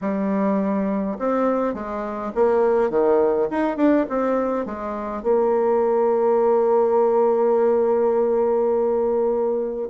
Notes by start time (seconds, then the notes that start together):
0.01 G3
1.18 C4
1.73 G#3
2.34 A#3
2.90 D#3
3.50 D#4
3.77 D4
4.09 C4
4.65 G#3
5.23 A#3